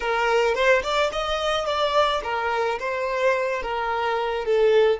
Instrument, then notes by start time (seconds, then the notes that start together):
violin
0.00 A#4
0.54 C5
0.82 D5
1.12 D#5
1.65 D5
2.23 A#4
2.79 C5
3.62 A#4
4.45 A4